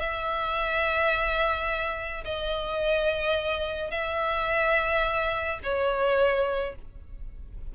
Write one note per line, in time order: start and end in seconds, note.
0.00 2.24 E5
2.24 3.91 D#5
3.91 5.59 E5
5.63 6.75 C#5